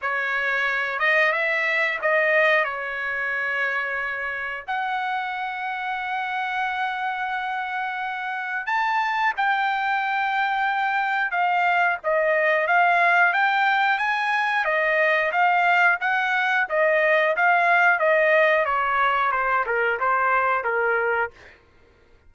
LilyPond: \new Staff \with { instrumentName = "trumpet" } { \time 4/4 \tempo 4 = 90 cis''4. dis''8 e''4 dis''4 | cis''2. fis''4~ | fis''1~ | fis''4 a''4 g''2~ |
g''4 f''4 dis''4 f''4 | g''4 gis''4 dis''4 f''4 | fis''4 dis''4 f''4 dis''4 | cis''4 c''8 ais'8 c''4 ais'4 | }